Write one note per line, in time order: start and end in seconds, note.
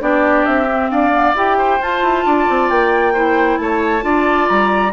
0.00 0.46 B3
0.00 0.67 D4
0.00 0.91 G4
0.00 0.46 D5
0.46 0.91 C4
0.46 0.90 E5
0.69 1.12 C4
0.90 1.35 D4
0.90 1.58 D5
0.90 1.35 F5
1.12 1.34 B3
1.35 1.80 E4
1.35 1.81 G4
1.35 1.82 G5
1.58 2.25 C5
1.81 2.03 F4
1.81 3.15 F4
1.81 2.70 A5
2.03 2.25 E4
2.26 2.48 D4
2.26 3.14 D5
2.50 2.70 C4
2.70 3.59 A#3
2.70 3.58 G5
3.14 4.01 E4
3.14 3.59 C5
3.58 4.03 A3
3.58 4.05 C#5
3.58 4.47 A5
4.01 4.48 D4
4.01 4.91 F4
4.01 4.93 D5
4.49 4.93 G3
4.49 4.93 A#5